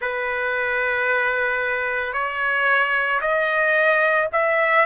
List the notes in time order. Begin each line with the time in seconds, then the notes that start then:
0.01 B4
2.13 C#5
3.21 D#5
4.32 E5